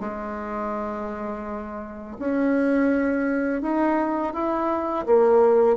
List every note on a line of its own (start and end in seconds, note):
0.00 2.17 G#3
2.19 3.61 C#4
3.61 4.33 D#4
4.33 5.05 E4
5.06 5.76 A#3